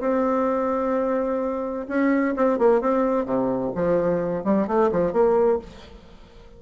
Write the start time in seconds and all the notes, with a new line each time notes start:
0.00 C4
1.88 C#4
2.36 C4
2.58 A#3
2.81 C4
3.25 C3
3.75 F3
4.44 G3
4.67 A3
4.91 F3
5.12 A#3